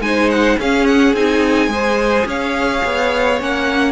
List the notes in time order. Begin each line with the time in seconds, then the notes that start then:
0.00 G#3 D#4 C5 G#5
0.30 F#5
0.59 C#4 G#4 F5
0.86 F#5
1.13 C4 D#4 G#5
1.67 G#3 G#4 C5
2.25 C#4 C#5 F5
2.84 B3
3.39 A#3 C#4 F#5